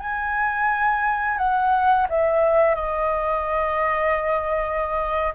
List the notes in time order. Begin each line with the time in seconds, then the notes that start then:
0.00 G#5
1.38 F#5
2.10 E5
2.76 D#5